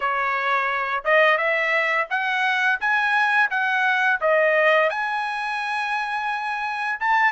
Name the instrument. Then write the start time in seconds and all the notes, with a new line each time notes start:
trumpet
0.00 C#5
1.04 D#5
1.37 E5
2.09 F#5
2.80 G#5
3.50 F#5
4.20 D#5
4.89 G#5
7.00 A5